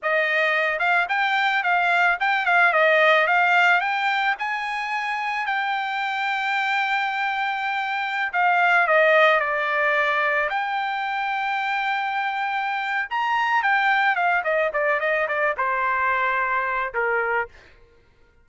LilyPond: \new Staff \with { instrumentName = "trumpet" } { \time 4/4 \tempo 4 = 110 dis''4. f''8 g''4 f''4 | g''8 f''8 dis''4 f''4 g''4 | gis''2 g''2~ | g''2.~ g''16 f''8.~ |
f''16 dis''4 d''2 g''8.~ | g''1 | ais''4 g''4 f''8 dis''8 d''8 dis''8 | d''8 c''2~ c''8 ais'4 | }